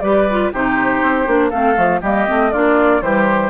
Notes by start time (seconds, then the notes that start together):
0.00 G3 G4 B4 D5
0.30 F4
0.53 C3 D#4 G4 C5
1.02 C4
1.26 A#3 D4
1.49 A3 C4 A4 F5
1.74 F3 A3
2.01 G3 A#3 G4 D#5
2.27 A3 C4
2.52 A#3 D4 F4 D5
3.01 E3 G3 G4 C5